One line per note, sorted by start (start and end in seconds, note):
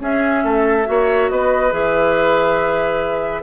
0.00 0.85 C#4
0.00 0.44 C#4
0.00 0.44 G#4
0.00 1.30 E5
0.44 0.87 A3
0.44 0.87 A4
0.85 1.30 A#3
0.85 1.71 F#4
0.85 1.32 C#5
1.30 1.73 B3
1.30 3.43 B4
1.30 1.73 D#5
1.71 3.43 E3
1.71 3.42 G#4
1.71 3.43 E5